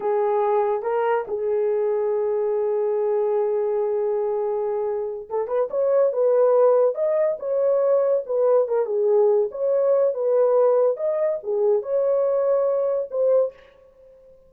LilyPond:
\new Staff \with { instrumentName = "horn" } { \time 4/4 \tempo 4 = 142 gis'2 ais'4 gis'4~ | gis'1~ | gis'1~ | gis'8 a'8 b'8 cis''4 b'4.~ |
b'8 dis''4 cis''2 b'8~ | b'8 ais'8 gis'4. cis''4. | b'2 dis''4 gis'4 | cis''2. c''4 | }